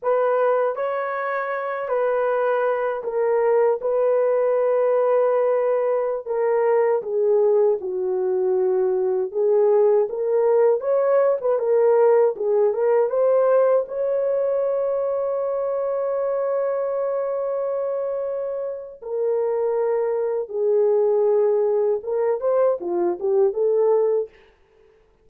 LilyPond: \new Staff \with { instrumentName = "horn" } { \time 4/4 \tempo 4 = 79 b'4 cis''4. b'4. | ais'4 b'2.~ | b'16 ais'4 gis'4 fis'4.~ fis'16~ | fis'16 gis'4 ais'4 cis''8. b'16 ais'8.~ |
ais'16 gis'8 ais'8 c''4 cis''4.~ cis''16~ | cis''1~ | cis''4 ais'2 gis'4~ | gis'4 ais'8 c''8 f'8 g'8 a'4 | }